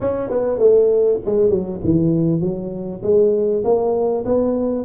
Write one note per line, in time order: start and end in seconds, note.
0.01 0.30 C#4
0.30 0.58 B3
0.58 1.19 A3
1.25 1.50 G#3
1.50 1.80 F#3
1.83 2.40 E3
2.40 3.01 F#3
3.02 3.63 G#3
3.64 4.25 A#3
4.25 4.85 B3